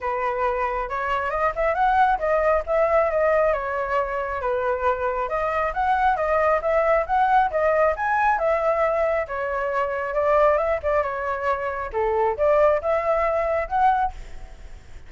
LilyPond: \new Staff \with { instrumentName = "flute" } { \time 4/4 \tempo 4 = 136 b'2 cis''4 dis''8 e''8 | fis''4 dis''4 e''4 dis''4 | cis''2 b'2 | dis''4 fis''4 dis''4 e''4 |
fis''4 dis''4 gis''4 e''4~ | e''4 cis''2 d''4 | e''8 d''8 cis''2 a'4 | d''4 e''2 fis''4 | }